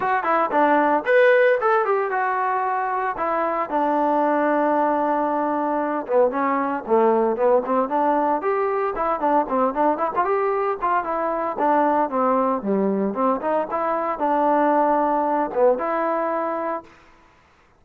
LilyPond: \new Staff \with { instrumentName = "trombone" } { \time 4/4 \tempo 4 = 114 fis'8 e'8 d'4 b'4 a'8 g'8 | fis'2 e'4 d'4~ | d'2.~ d'8 b8 | cis'4 a4 b8 c'8 d'4 |
g'4 e'8 d'8 c'8 d'8 e'16 f'16 g'8~ | g'8 f'8 e'4 d'4 c'4 | g4 c'8 dis'8 e'4 d'4~ | d'4. b8 e'2 | }